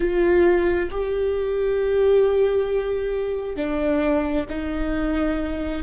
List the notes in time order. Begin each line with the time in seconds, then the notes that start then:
0.00 F4
0.90 G4
3.55 D4
4.49 D#4